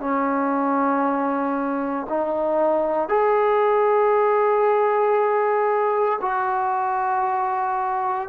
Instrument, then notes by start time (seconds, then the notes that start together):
trombone
0.00 C#4
2.09 D#4
3.09 G#4
6.22 F#4